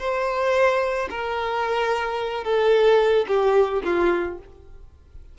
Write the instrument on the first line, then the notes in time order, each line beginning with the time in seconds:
violin
0.00 C5
1.11 A#4
2.44 A4
3.28 G4
3.84 F4